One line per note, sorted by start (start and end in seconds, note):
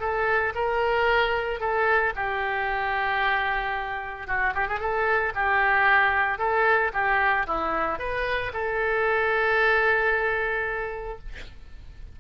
0.00 0.53 A4
0.55 1.60 A#4
1.60 2.13 A4
2.16 4.27 G4
4.27 4.54 F#4
4.55 4.68 G4
4.68 4.80 G#4
4.80 5.33 A4
5.35 6.39 G4
6.39 6.92 A4
6.93 7.46 G4
7.47 7.99 E4
7.99 8.52 B4
8.53 11.19 A4